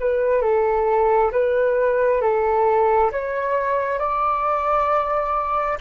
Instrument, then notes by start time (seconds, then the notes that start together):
flute
0.00 B4
0.42 A4
1.32 B4
2.21 A4
3.12 C#5
3.99 D5